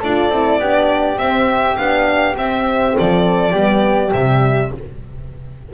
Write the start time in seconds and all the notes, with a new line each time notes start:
0.00 D4 F4 A4 D5
0.30 C4 E4
0.59 B3 D4 G4
1.17 C4 E5
1.76 B3 D4 F5
2.36 C4 E5
2.97 F3 A4 D5
3.52 G3 B3 G4
4.13 C3 G3 E5